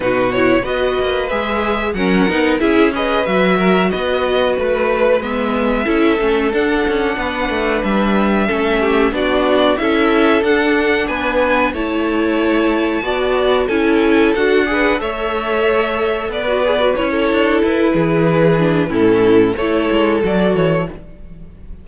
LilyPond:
<<
  \new Staff \with { instrumentName = "violin" } { \time 4/4 \tempo 4 = 92 b'8 cis''8 dis''4 e''4 fis''4 | e''8 dis''8 e''4 dis''4 b'4 | e''2 fis''2 | e''2 d''4 e''4 |
fis''4 gis''4 a''2~ | a''4 gis''4 fis''4 e''4~ | e''4 d''4 cis''4 b'4~ | b'4 a'4 cis''4 d''8 cis''8 | }
  \new Staff \with { instrumentName = "violin" } { \time 4/4 fis'4 b'2 ais'4 | gis'8 b'4 ais'8 b'2~ | b'4 a'2 b'4~ | b'4 a'8 g'8 fis'4 a'4~ |
a'4 b'4 cis''2 | d''4 a'4. b'8 cis''4~ | cis''4 b'4~ b'16 a'4~ a'16 gis'8~ | gis'4 e'4 a'2 | }
  \new Staff \with { instrumentName = "viola" } { \time 4/4 dis'8 e'8 fis'4 gis'4 cis'8 dis'8 | e'8 gis'8 fis'2. | b4 e'8 cis'8 d'2~ | d'4 cis'4 d'4 e'4 |
d'2 e'2 | fis'4 e'4 fis'8 gis'8 a'4~ | a'4~ a'16 fis'16 gis'16 fis'16 e'2~ | e'8 d'8 cis'4 e'4 fis'4 | }
  \new Staff \with { instrumentName = "cello" } { \time 4/4 b,4 b8 ais8 gis4 fis8 b8 | cis'4 fis4 b4 a4 | gis4 cis'8 a8 d'8 cis'8 b8 a8 | g4 a4 b4 cis'4 |
d'4 b4 a2 | b4 cis'4 d'4 a4~ | a4 b4 cis'8 d'8 e'8 e8~ | e4 a,4 a8 gis8 fis8 e8 | }
>>